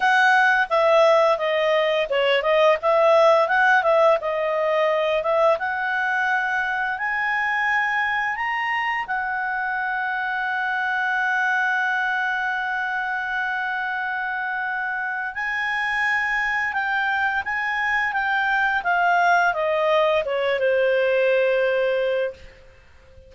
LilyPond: \new Staff \with { instrumentName = "clarinet" } { \time 4/4 \tempo 4 = 86 fis''4 e''4 dis''4 cis''8 dis''8 | e''4 fis''8 e''8 dis''4. e''8 | fis''2 gis''2 | ais''4 fis''2.~ |
fis''1~ | fis''2 gis''2 | g''4 gis''4 g''4 f''4 | dis''4 cis''8 c''2~ c''8 | }